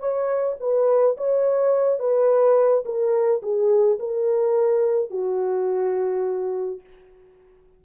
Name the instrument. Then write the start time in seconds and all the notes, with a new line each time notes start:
horn
0.00 C#5
0.60 B4
1.18 C#5
2.00 B4
2.85 A#4
3.42 G#4
4.00 A#4
5.11 F#4